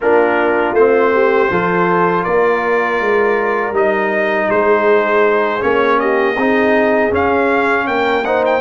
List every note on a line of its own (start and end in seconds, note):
0.00 0.73 A#3
0.00 0.77 D4
0.00 1.13 F4
0.00 0.74 A#4
0.73 1.48 A3
0.73 1.51 C4
0.73 2.24 C5
1.13 1.50 G4
1.50 2.25 F3
1.50 3.73 F4
1.50 2.23 A4
2.23 3.00 A#3
2.23 4.48 A#4
2.23 3.74 D5
3.00 3.72 G#3
3.72 4.47 G3
3.72 5.60 D#4
3.72 4.50 D#5
4.49 5.62 G#3
4.49 6.01 G#4
4.49 5.62 C5
5.60 6.37 A#3
5.60 6.35 C#4
5.60 5.99 C#5
5.99 6.34 G4
5.99 7.12 D#5
6.34 7.12 C4
6.34 7.11 D#4
6.34 7.84 G#4
7.11 8.23 C#4
7.11 7.87 C#4
7.11 7.87 F5
7.87 8.60 A#3
7.87 8.25 A#4
7.87 8.24 G5
8.24 8.60 D#4
8.24 8.60 C5
8.24 8.43 F#5
8.45 8.60 G5